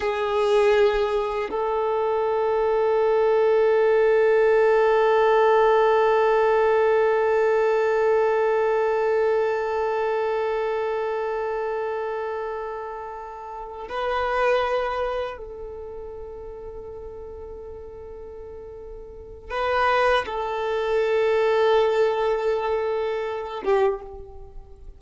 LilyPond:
\new Staff \with { instrumentName = "violin" } { \time 4/4 \tempo 4 = 80 gis'2 a'2~ | a'1~ | a'1~ | a'1~ |
a'2~ a'8 b'4.~ | b'8 a'2.~ a'8~ | a'2 b'4 a'4~ | a'2.~ a'8 g'8 | }